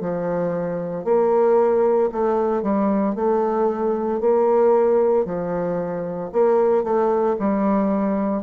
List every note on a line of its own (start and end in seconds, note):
0.00 1.04 F3
1.04 2.10 A#3
2.11 2.62 A3
2.62 3.15 G3
3.15 4.20 A3
4.21 5.25 A#3
5.25 6.30 F3
6.32 6.83 A#3
6.83 7.36 A3
7.39 8.43 G3